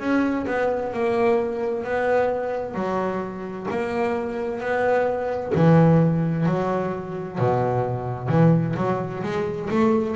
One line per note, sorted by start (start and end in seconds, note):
0.00 0.46 C#4
0.47 0.93 B3
0.93 1.84 A#3
1.84 2.74 B3
2.74 3.67 F#3
3.71 4.61 A#3
4.61 5.53 B3
5.55 6.46 E3
6.46 7.38 F#3
7.38 8.29 B2
8.29 8.75 E3
8.77 9.23 F#3
9.23 9.69 G#3
9.70 10.16 A3